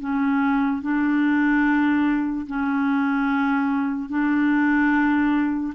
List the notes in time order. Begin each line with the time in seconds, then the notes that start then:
0.00 C#4
0.82 D4
2.47 C#4
4.09 D4